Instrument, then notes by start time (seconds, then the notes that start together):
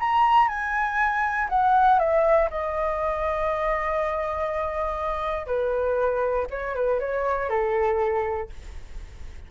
flute
0.00 A#5
0.48 G#5
1.49 F#5
1.99 E5
2.50 D#5
5.47 B4
6.50 C#5
6.75 B4
7.00 C#5
7.50 A4